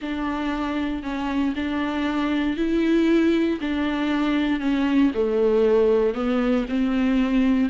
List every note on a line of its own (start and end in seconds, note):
0.01 1.02 D4
1.02 1.54 C#4
1.55 2.56 D4
2.56 3.59 E4
3.60 4.60 D4
4.60 5.11 C#4
5.14 6.14 A3
6.14 6.65 B3
6.69 7.69 C4